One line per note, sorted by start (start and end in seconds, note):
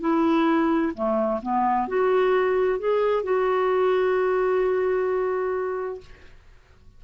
0.00 0.92 E4
0.94 1.40 A3
1.42 1.88 B3
1.88 2.79 F#4
2.79 3.23 G#4
3.23 6.00 F#4